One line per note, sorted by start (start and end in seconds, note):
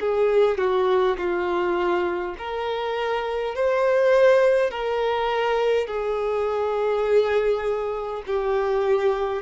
0.00 0.58 G#4
0.58 1.17 F#4
1.17 2.35 F4
2.38 3.55 A#4
3.55 4.71 C5
4.71 5.87 A#4
5.87 8.22 G#4
8.26 9.42 G4